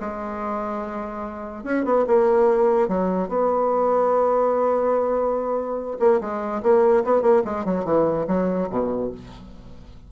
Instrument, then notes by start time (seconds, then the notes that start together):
bassoon
0.00 G#3
1.63 C#4
1.84 B3
2.07 A#3
2.88 F#3
3.28 B3
5.99 A#3
6.21 G#3
6.62 A#3
7.04 B3
7.22 A#3
7.44 G#3
7.65 F#3
7.84 E3
8.27 F#3
8.70 B2